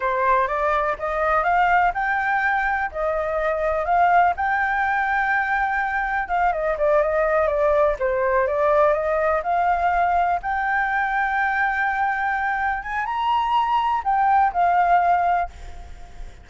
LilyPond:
\new Staff \with { instrumentName = "flute" } { \time 4/4 \tempo 4 = 124 c''4 d''4 dis''4 f''4 | g''2 dis''2 | f''4 g''2.~ | g''4 f''8 dis''8 d''8 dis''4 d''8~ |
d''8 c''4 d''4 dis''4 f''8~ | f''4. g''2~ g''8~ | g''2~ g''8 gis''8 ais''4~ | ais''4 g''4 f''2 | }